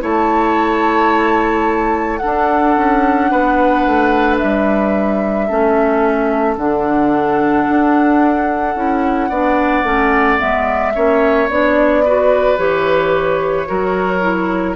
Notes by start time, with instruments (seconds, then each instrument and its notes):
0.00 bassoon A3, clarinet E4, oboe C#5, flute A5
2.17 oboe A4, flute F#5
2.23 clarinet D4, bassoon D4
2.76 bassoon C#4
3.30 bassoon B3, oboe B4
3.85 bassoon A3
4.37 bassoon G3, flute E5
5.47 bassoon A3, clarinet C#4, oboe A4
6.57 bassoon D3, clarinet D4, flute F#5
7.68 bassoon D4
8.75 bassoon C#4, clarinet E4
9.29 bassoon B3, clarinet D4, oboe D5
9.83 bassoon A3, clarinet C#4
10.38 bassoon G#3, clarinet B3, flute E5
10.94 bassoon A#3, clarinet C#4, oboe C#5
11.48 bassoon B3, clarinet D4, flute D5
12.04 clarinet F#4, oboe B4
12.57 bassoon E3, clarinet G4, flute C#5
13.66 bassoon F#3, clarinet F#4, oboe A#4
14.20 clarinet E4